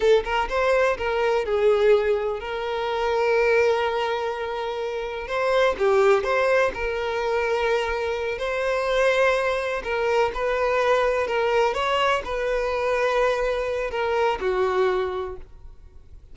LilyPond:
\new Staff \with { instrumentName = "violin" } { \time 4/4 \tempo 4 = 125 a'8 ais'8 c''4 ais'4 gis'4~ | gis'4 ais'2.~ | ais'2. c''4 | g'4 c''4 ais'2~ |
ais'4. c''2~ c''8~ | c''8 ais'4 b'2 ais'8~ | ais'8 cis''4 b'2~ b'8~ | b'4 ais'4 fis'2 | }